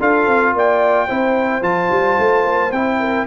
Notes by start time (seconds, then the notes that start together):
0.00 D4 F4 A4 F5
0.27 C4
0.54 A#3 D5 G5
1.08 C4 E4 C5
1.62 F3 F4 A5
1.91 G3
2.19 A3
2.45 A#3
2.72 C4 E4 G5
3.00 A#4